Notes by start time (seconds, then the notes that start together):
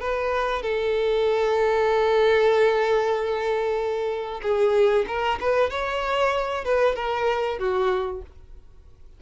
0.00 B4
0.62 A4
4.42 G#4
5.07 A#4
5.40 B4
5.70 C#5
6.64 B4
6.95 A#4
7.58 F#4